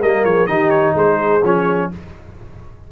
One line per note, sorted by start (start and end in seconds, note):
0.00 0.24 G3
0.00 0.47 A#3
0.00 0.23 A#4
0.00 0.24 D#5
0.24 0.47 F3
0.24 0.48 G#4
0.24 0.46 C#5
0.46 0.94 D#3
0.46 1.41 D#4
0.46 0.95 G4
0.46 0.69 D#5
0.69 0.93 C#5
0.94 1.41 G#3
0.94 1.90 G#4
0.94 1.44 C5
1.43 1.90 F3
1.43 1.91 C#4
1.43 1.91 C#5